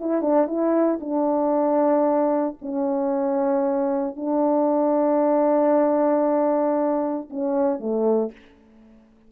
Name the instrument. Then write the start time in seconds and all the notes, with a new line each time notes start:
horn
0.00 E4
0.22 D4
0.47 E4
1.01 D4
2.62 C#4
4.16 D4
7.30 C#4
7.80 A3